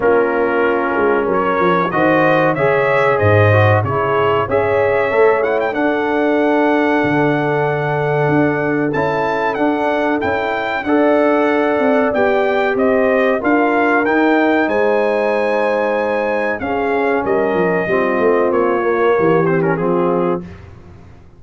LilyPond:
<<
  \new Staff \with { instrumentName = "trumpet" } { \time 4/4 \tempo 4 = 94 ais'2 cis''4 dis''4 | e''4 dis''4 cis''4 e''4~ | e''8 fis''16 g''16 fis''2.~ | fis''2 a''4 fis''4 |
g''4 fis''2 g''4 | dis''4 f''4 g''4 gis''4~ | gis''2 f''4 dis''4~ | dis''4 cis''4. c''16 ais'16 gis'4 | }
  \new Staff \with { instrumentName = "horn" } { \time 4/4 f'2 ais'4 c''4 | cis''4 c''4 gis'4 cis''4~ | cis''4 a'2.~ | a'1~ |
a'4 d''2. | c''4 ais'2 c''4~ | c''2 gis'4 ais'4 | f'2 g'4 f'4 | }
  \new Staff \with { instrumentName = "trombone" } { \time 4/4 cis'2. fis'4 | gis'4. fis'8 e'4 gis'4 | a'8 e'8 d'2.~ | d'2 e'4 d'4 |
e'4 a'2 g'4~ | g'4 f'4 dis'2~ | dis'2 cis'2 | c'4. ais4 c'16 cis'16 c'4 | }
  \new Staff \with { instrumentName = "tuba" } { \time 4/4 ais4. gis8 fis8 f8 dis4 | cis4 gis,4 cis4 cis'4 | a4 d'2 d4~ | d4 d'4 cis'4 d'4 |
cis'4 d'4. c'8 b4 | c'4 d'4 dis'4 gis4~ | gis2 cis'4 g8 f8 | g8 a8 ais4 e4 f4 | }
>>